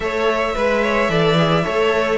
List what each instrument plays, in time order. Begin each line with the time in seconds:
0.00 cello A3, viola A4, violin C#5 E5
0.55 cello G#3, violin B4, viola B4
0.82 violin C#5
1.08 cello E3, viola A4, violin D5
1.37 viola G#4
1.63 cello A3, viola A4, violin C#5